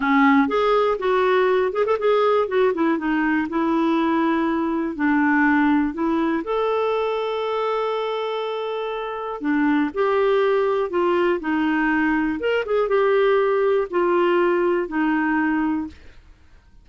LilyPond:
\new Staff \with { instrumentName = "clarinet" } { \time 4/4 \tempo 4 = 121 cis'4 gis'4 fis'4. gis'16 a'16 | gis'4 fis'8 e'8 dis'4 e'4~ | e'2 d'2 | e'4 a'2.~ |
a'2. d'4 | g'2 f'4 dis'4~ | dis'4 ais'8 gis'8 g'2 | f'2 dis'2 | }